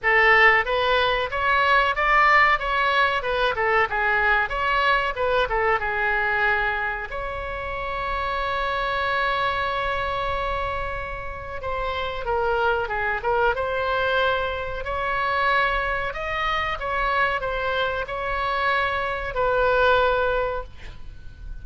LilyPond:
\new Staff \with { instrumentName = "oboe" } { \time 4/4 \tempo 4 = 93 a'4 b'4 cis''4 d''4 | cis''4 b'8 a'8 gis'4 cis''4 | b'8 a'8 gis'2 cis''4~ | cis''1~ |
cis''2 c''4 ais'4 | gis'8 ais'8 c''2 cis''4~ | cis''4 dis''4 cis''4 c''4 | cis''2 b'2 | }